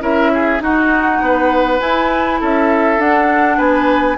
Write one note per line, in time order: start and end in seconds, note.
0.00 0.59 C#4
0.00 0.59 E4
0.00 0.31 A#4
0.00 0.62 E5
0.33 0.63 G#4
0.59 1.78 D#4
0.59 1.20 D#4
0.59 1.22 F#4
0.59 1.80 F#5
1.20 1.80 B3
1.20 2.40 B4
1.80 2.98 E4
1.80 2.40 E4
1.80 2.39 G#5
2.40 2.98 C#4
2.40 3.57 A4
2.40 3.00 E5
2.98 3.58 D4
2.98 4.17 D4
2.98 3.58 F#5
3.57 4.17 B3
3.57 4.16 B4
3.57 4.17 G#5